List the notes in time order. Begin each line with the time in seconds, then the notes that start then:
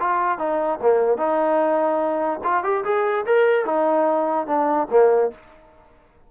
0.00 F4
0.38 D#4
0.81 A#3
1.18 D#4
2.44 F4
2.63 G4
2.84 G#4
3.26 A#4
3.65 D#4
4.47 D4
4.90 A#3